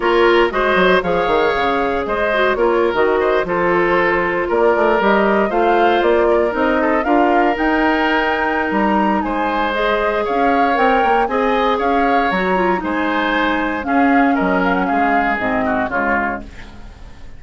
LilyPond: <<
  \new Staff \with { instrumentName = "flute" } { \time 4/4 \tempo 4 = 117 cis''4 dis''4 f''2 | dis''4 cis''8. dis''4 c''4~ c''16~ | c''8. d''4 dis''4 f''4 d''16~ | d''8. dis''4 f''4 g''4~ g''16~ |
g''4 ais''4 gis''4 dis''4 | f''4 g''4 gis''4 f''4 | ais''4 gis''2 f''4 | dis''8 f''16 fis''16 f''4 dis''4 cis''4 | }
  \new Staff \with { instrumentName = "oboe" } { \time 4/4 ais'4 c''4 cis''2 | c''4 ais'4~ ais'16 c''8 a'4~ a'16~ | a'8. ais'2 c''4~ c''16~ | c''16 ais'4 a'8 ais'2~ ais'16~ |
ais'2 c''2 | cis''2 dis''4 cis''4~ | cis''4 c''2 gis'4 | ais'4 gis'4. fis'8 f'4 | }
  \new Staff \with { instrumentName = "clarinet" } { \time 4/4 f'4 fis'4 gis'2~ | gis'8 fis'8 f'8. fis'4 f'4~ f'16~ | f'4.~ f'16 g'4 f'4~ f'16~ | f'8. dis'4 f'4 dis'4~ dis'16~ |
dis'2. gis'4~ | gis'4 ais'4 gis'2 | fis'8 f'8 dis'2 cis'4~ | cis'2 c'4 gis4 | }
  \new Staff \with { instrumentName = "bassoon" } { \time 4/4 ais4 gis8 fis8 f8 dis8 cis4 | gis4 ais8. dis4 f4~ f16~ | f8. ais8 a8 g4 a4 ais16~ | ais8. c'4 d'4 dis'4~ dis'16~ |
dis'4 g4 gis2 | cis'4 c'8 ais8 c'4 cis'4 | fis4 gis2 cis'4 | fis4 gis4 gis,4 cis4 | }
>>